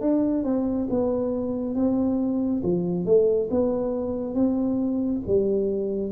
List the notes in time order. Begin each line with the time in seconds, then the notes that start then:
0.00 D4
0.43 C4
0.89 B3
1.75 C4
2.62 F3
3.05 A3
3.50 B3
4.34 C4
5.26 G3